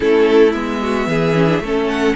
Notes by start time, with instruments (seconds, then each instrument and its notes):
0.00 cello A3, viola C#4, violin E4 A4
0.52 cello G#3, viola B3, violin E5
0.81 violin F#4
1.07 cello E3, violin G#4
1.34 viola C#4
1.47 viola D4
1.60 cello A3, viola C#4, violin A4
1.88 violin F#5